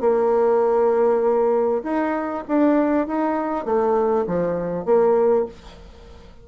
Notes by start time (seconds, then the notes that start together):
0.00 A#3
1.83 D#4
2.48 D4
3.07 D#4
3.65 A3
4.26 F3
4.85 A#3